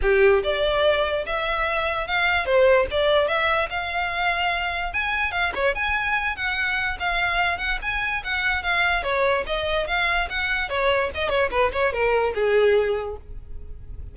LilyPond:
\new Staff \with { instrumentName = "violin" } { \time 4/4 \tempo 4 = 146 g'4 d''2 e''4~ | e''4 f''4 c''4 d''4 | e''4 f''2. | gis''4 f''8 cis''8 gis''4. fis''8~ |
fis''4 f''4. fis''8 gis''4 | fis''4 f''4 cis''4 dis''4 | f''4 fis''4 cis''4 dis''8 cis''8 | b'8 cis''8 ais'4 gis'2 | }